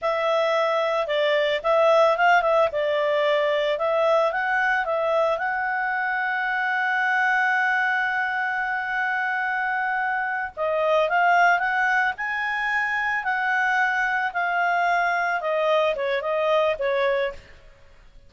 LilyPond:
\new Staff \with { instrumentName = "clarinet" } { \time 4/4 \tempo 4 = 111 e''2 d''4 e''4 | f''8 e''8 d''2 e''4 | fis''4 e''4 fis''2~ | fis''1~ |
fis''2.~ fis''8 dis''8~ | dis''8 f''4 fis''4 gis''4.~ | gis''8 fis''2 f''4.~ | f''8 dis''4 cis''8 dis''4 cis''4 | }